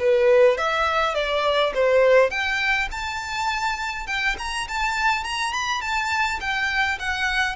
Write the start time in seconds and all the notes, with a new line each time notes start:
0.00 B4
0.58 E5
1.15 D5
1.74 C5
2.31 G5
2.91 A5
4.07 G5
4.39 A#5
4.68 A5
5.24 A#5
5.53 B5
5.81 A5
6.41 G5
7.00 F#5